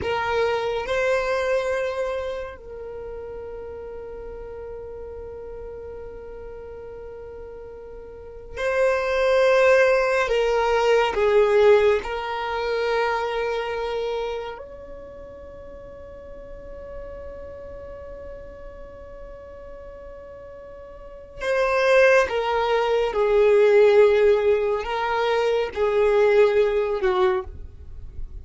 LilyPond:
\new Staff \with { instrumentName = "violin" } { \time 4/4 \tempo 4 = 70 ais'4 c''2 ais'4~ | ais'1~ | ais'2 c''2 | ais'4 gis'4 ais'2~ |
ais'4 cis''2.~ | cis''1~ | cis''4 c''4 ais'4 gis'4~ | gis'4 ais'4 gis'4. fis'8 | }